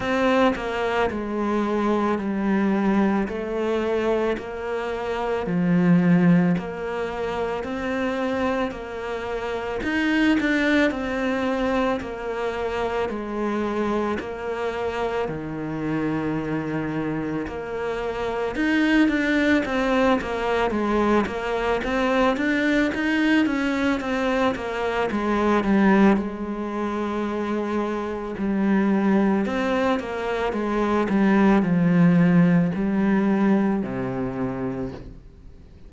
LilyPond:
\new Staff \with { instrumentName = "cello" } { \time 4/4 \tempo 4 = 55 c'8 ais8 gis4 g4 a4 | ais4 f4 ais4 c'4 | ais4 dis'8 d'8 c'4 ais4 | gis4 ais4 dis2 |
ais4 dis'8 d'8 c'8 ais8 gis8 ais8 | c'8 d'8 dis'8 cis'8 c'8 ais8 gis8 g8 | gis2 g4 c'8 ais8 | gis8 g8 f4 g4 c4 | }